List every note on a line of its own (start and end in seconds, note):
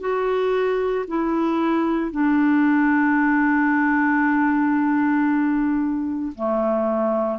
0.00 1.05 F#4
1.08 2.11 E4
2.11 6.32 D4
6.35 7.39 A3